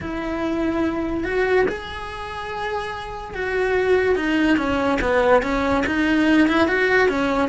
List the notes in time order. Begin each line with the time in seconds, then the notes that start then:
0.00 E4
1.23 F#4
1.68 G#4
3.34 F#4
4.15 D#4
4.57 C#4
5.01 B3
5.42 C#4
5.86 D#4
6.48 E4
6.67 F#4
7.08 C#4